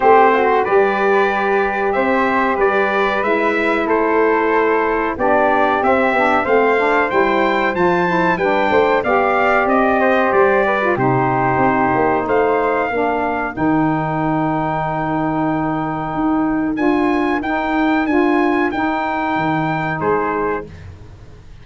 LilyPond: <<
  \new Staff \with { instrumentName = "trumpet" } { \time 4/4 \tempo 4 = 93 c''4 d''2 e''4 | d''4 e''4 c''2 | d''4 e''4 f''4 g''4 | a''4 g''4 f''4 dis''4 |
d''4 c''2 f''4~ | f''4 g''2.~ | g''2 gis''4 g''4 | gis''4 g''2 c''4 | }
  \new Staff \with { instrumentName = "flute" } { \time 4/4 g'8 fis'8 b'2 c''4 | b'2 a'2 | g'2 c''2~ | c''4 b'8 c''8 d''4. c''8~ |
c''8 b'8 g'2 c''4 | ais'1~ | ais'1~ | ais'2. gis'4 | }
  \new Staff \with { instrumentName = "saxophone" } { \time 4/4 c'4 g'2.~ | g'4 e'2. | d'4 c'8 d'8 c'8 d'8 e'4 | f'8 e'8 d'4 g'2~ |
g'8. f'16 dis'2. | d'4 dis'2.~ | dis'2 f'4 dis'4 | f'4 dis'2. | }
  \new Staff \with { instrumentName = "tuba" } { \time 4/4 a4 g2 c'4 | g4 gis4 a2 | b4 c'8 b8 a4 g4 | f4 g8 a8 b4 c'4 |
g4 c4 c'8 ais8 a4 | ais4 dis2.~ | dis4 dis'4 d'4 dis'4 | d'4 dis'4 dis4 gis4 | }
>>